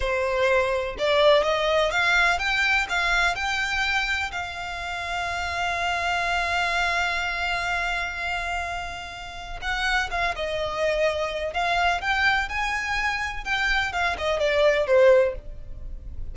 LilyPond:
\new Staff \with { instrumentName = "violin" } { \time 4/4 \tempo 4 = 125 c''2 d''4 dis''4 | f''4 g''4 f''4 g''4~ | g''4 f''2.~ | f''1~ |
f''1 | fis''4 f''8 dis''2~ dis''8 | f''4 g''4 gis''2 | g''4 f''8 dis''8 d''4 c''4 | }